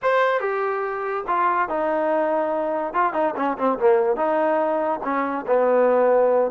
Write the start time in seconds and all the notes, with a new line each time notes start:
0.02 C5
0.40 G4
1.27 F4
1.68 D#4
2.93 F4
3.13 D#4
3.36 C#4
3.57 C4
3.78 A#3
4.16 D#4
5.03 C#4
5.46 B3